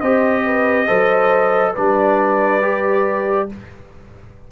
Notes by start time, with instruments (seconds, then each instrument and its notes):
0.00 tuba C4, trombone G4, horn C5, trumpet D#5
0.45 horn B4
0.87 tuba F#3, trombone A4, horn C5
1.73 tuba G3, trombone D4, horn B4, trumpet D5
2.62 trombone G4